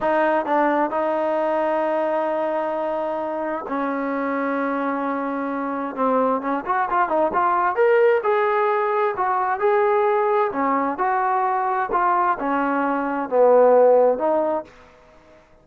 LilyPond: \new Staff \with { instrumentName = "trombone" } { \time 4/4 \tempo 4 = 131 dis'4 d'4 dis'2~ | dis'1 | cis'1~ | cis'4 c'4 cis'8 fis'8 f'8 dis'8 |
f'4 ais'4 gis'2 | fis'4 gis'2 cis'4 | fis'2 f'4 cis'4~ | cis'4 b2 dis'4 | }